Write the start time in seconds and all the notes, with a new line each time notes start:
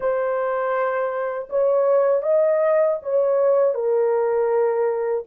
0.00 C5
1.49 C#5
2.22 D#5
3.02 C#5
3.74 A#4